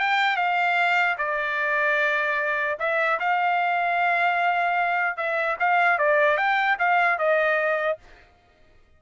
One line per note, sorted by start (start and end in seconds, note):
0.00 0.37 G5
0.37 1.17 F5
1.19 2.79 D5
2.80 3.20 E5
3.20 5.17 F5
5.17 5.57 E5
5.60 5.99 F5
5.99 6.37 D5
6.37 6.77 G5
6.79 7.19 F5
7.19 7.99 D#5